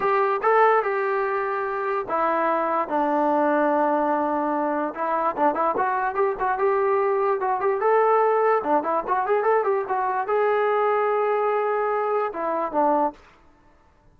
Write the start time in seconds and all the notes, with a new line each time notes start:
0.00 G4
0.42 A4
0.82 G4
2.08 E4
2.88 D4
4.94 E4
5.36 D4
5.54 E4
5.77 F#4
6.14 G4
6.39 F#4
6.58 G4
7.40 F#4
7.60 G4
7.80 A4
8.63 D4
8.83 E4
9.07 F#4
9.26 G#4
9.43 A4
9.64 G4
9.88 F#4
10.27 G#4
12.33 E4
12.72 D4